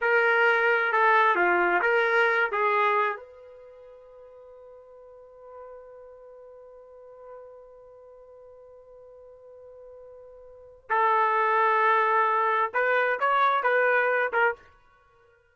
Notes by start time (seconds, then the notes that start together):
0.01 A#4
0.92 A4
1.35 F4
1.81 A#4
2.51 G#4
3.16 B4
10.89 A4
12.73 B4
13.19 C#5
13.63 B4
14.32 A#4